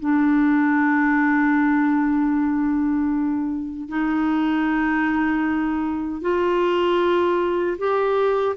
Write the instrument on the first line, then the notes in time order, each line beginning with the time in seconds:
clarinet
0.00 D4
3.89 D#4
6.22 F4
7.78 G4